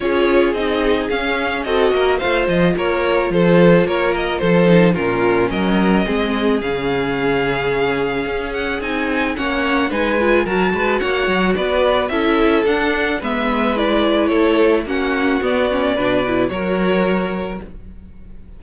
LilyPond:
<<
  \new Staff \with { instrumentName = "violin" } { \time 4/4 \tempo 4 = 109 cis''4 dis''4 f''4 dis''4 | f''8 dis''8 cis''4 c''4 cis''8 dis''8 | c''4 ais'4 dis''2 | f''2.~ f''8 fis''8 |
gis''4 fis''4 gis''4 a''4 | fis''4 d''4 e''4 fis''4 | e''4 d''4 cis''4 fis''4 | d''2 cis''2 | }
  \new Staff \with { instrumentName = "violin" } { \time 4/4 gis'2. a'8 ais'8 | c''4 ais'4 a'4 ais'4 | a'4 f'4 ais'4 gis'4~ | gis'1~ |
gis'4 cis''4 b'4 ais'8 b'8 | cis''4 b'4 a'2 | b'2 a'4 fis'4~ | fis'4 b'4 ais'2 | }
  \new Staff \with { instrumentName = "viola" } { \time 4/4 f'4 dis'4 cis'4 fis'4 | f'1~ | f'8 dis'8 cis'2 c'4 | cis'1 |
dis'4 cis'4 dis'8 f'8 fis'4~ | fis'2 e'4 d'4 | b4 e'2 cis'4 | b8 cis'8 d'8 e'8 fis'2 | }
  \new Staff \with { instrumentName = "cello" } { \time 4/4 cis'4 c'4 cis'4 c'8 ais8 | a8 f8 ais4 f4 ais4 | f4 ais,4 fis4 gis4 | cis2. cis'4 |
c'4 ais4 gis4 fis8 gis8 | ais8 fis8 b4 cis'4 d'4 | gis2 a4 ais4 | b4 b,4 fis2 | }
>>